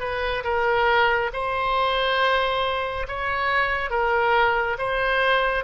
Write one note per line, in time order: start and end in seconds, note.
0.00 0.43 B4
0.44 1.31 A#4
1.33 3.07 C5
3.08 3.91 C#5
3.91 4.77 A#4
4.79 5.64 C5